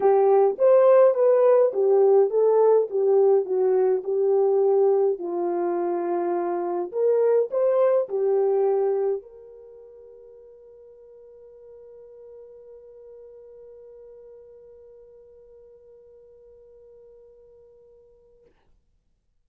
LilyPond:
\new Staff \with { instrumentName = "horn" } { \time 4/4 \tempo 4 = 104 g'4 c''4 b'4 g'4 | a'4 g'4 fis'4 g'4~ | g'4 f'2. | ais'4 c''4 g'2 |
ais'1~ | ais'1~ | ais'1~ | ais'1 | }